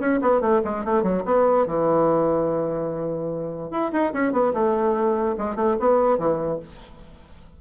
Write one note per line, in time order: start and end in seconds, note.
0.00 0.21 C#4
0.22 0.41 B3
0.41 0.62 A3
0.65 0.85 G#3
0.85 1.03 A3
1.03 1.24 F#3
1.26 1.67 B3
1.67 3.71 E3
3.71 3.92 E4
3.93 4.13 D#4
4.14 4.33 C#4
4.33 4.54 B3
4.54 5.36 A3
5.38 5.56 G#3
5.56 5.77 A3
5.80 6.19 B3
6.19 6.60 E3